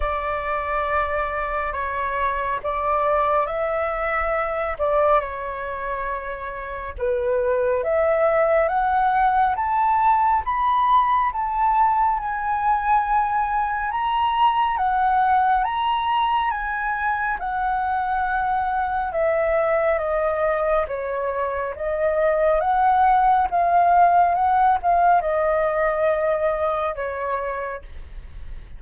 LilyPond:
\new Staff \with { instrumentName = "flute" } { \time 4/4 \tempo 4 = 69 d''2 cis''4 d''4 | e''4. d''8 cis''2 | b'4 e''4 fis''4 a''4 | b''4 a''4 gis''2 |
ais''4 fis''4 ais''4 gis''4 | fis''2 e''4 dis''4 | cis''4 dis''4 fis''4 f''4 | fis''8 f''8 dis''2 cis''4 | }